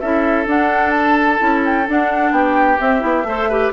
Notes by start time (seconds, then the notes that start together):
0.00 C#4 E4 A4 E5
0.46 D4 F#5
0.91 A5
1.39 C#4 E4
1.65 G5
1.88 D4 F#5
2.32 B3 G4 G5
2.79 C4 E5
3.00 B3 E4
3.24 A3 A4 C5
3.50 G4 B4